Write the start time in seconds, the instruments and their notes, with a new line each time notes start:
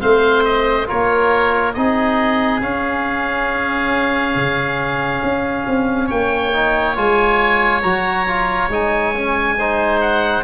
0.00 tuba A3, trombone C4, oboe C5 F5
0.44 oboe D#5
0.86 tuba A#3, trombone F4, oboe A#4 C#5
1.74 tuba C4, trombone D#4, oboe G#4 D#5
2.61 trombone C#4, tuba C#4, oboe F5
4.36 tuba C#3
5.23 tuba C#4
5.67 tuba C4
6.06 tuba A#3, oboe C#5 G5
6.53 trombone D#4
6.95 tuba G#3, trombone F4, oboe G#5
7.82 tuba F#3, trombone F#4, oboe A#5
8.27 trombone F4
8.69 tuba G#3, trombone D#4, oboe G#5
9.15 trombone C#4
9.58 trombone D#4, oboe C5
10.01 oboe F#5